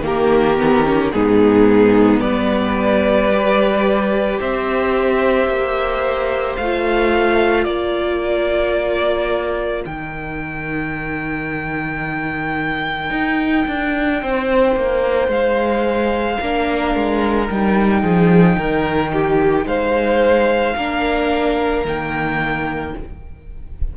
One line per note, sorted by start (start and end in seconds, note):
0.00 1.09 D#3
0.00 0.57 A#3
0.00 1.13 G4
0.06 1.12 A#4
0.58 0.85 B3
0.85 1.12 C#4
1.12 2.21 G#2
1.12 3.31 B3
1.12 2.22 D#4
1.12 2.20 G#4
2.20 4.39 G3
2.20 4.40 B4
2.20 4.39 D5
3.33 6.60 G4
4.40 5.48 C4
4.40 7.67 C5
4.40 6.56 E5
5.48 6.57 A#3
6.56 7.67 A3
6.56 7.65 F5
6.63 9.86 F4
7.65 9.85 A#3
7.65 14.21 A#4
7.65 9.83 D5
9.85 13.10 D#3
9.85 16.41 D#4
9.85 15.31 G5
13.10 13.65 D#4
13.68 14.22 D4
14.22 14.76 C4
14.22 16.40 C5
14.76 15.28 A#3
15.28 16.37 G#3
15.28 17.50 F5
16.40 16.95 A#3
16.40 17.51 D4
16.40 18.02 A#4
16.95 17.50 G#3
17.50 18.03 G3
17.50 20.77 D#4
17.50 19.68 G5
18.02 18.57 F3
18.02 18.56 G#4
18.57 19.65 D#3
18.57 19.12 A#4
19.13 19.67 G4
19.65 20.75 G#3
19.65 20.76 C5
19.65 21.86 F5
20.76 21.85 A#3
20.76 21.86 D4
20.76 22.95 A#4
21.85 22.94 D#3
21.85 22.95 A#3
21.85 22.97 G5